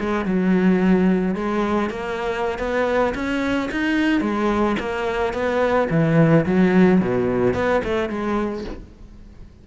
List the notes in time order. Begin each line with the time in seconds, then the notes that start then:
0.00 G#3
0.26 F#3
1.35 G#3
1.90 A#3
2.59 B3
3.15 C#4
3.72 D#4
4.21 G#3
4.80 A#3
5.34 B3
5.90 E3
6.46 F#3
7.01 B2
7.54 B3
7.85 A3
8.10 G#3